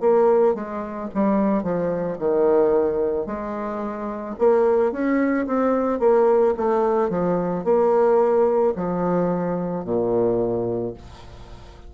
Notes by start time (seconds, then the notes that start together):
0.00 A#3
0.55 G#3
1.14 G3
1.63 F3
2.19 D#3
3.26 G#3
4.38 A#3
4.92 C#4
5.47 C4
6.00 A#3
6.57 A3
7.10 F3
7.65 A#3
8.76 F3
9.85 A#2